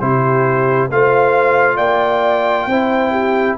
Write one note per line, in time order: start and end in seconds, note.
0.00 0.90 C3
0.00 0.90 E4
0.00 0.91 G4
0.00 0.90 C5
0.91 1.78 A3
0.91 2.70 F4
0.91 1.76 C5
0.91 1.77 F5
1.76 2.67 A#3
1.76 2.66 D5
1.76 3.56 G5
2.67 3.57 C4
2.67 3.58 E4
2.67 3.11 C5
3.11 3.56 G4